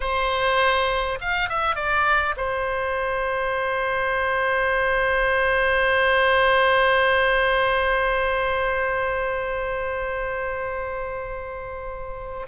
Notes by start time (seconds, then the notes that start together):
0.00 C5
1.20 F5
1.49 E5
1.75 D5
2.37 C5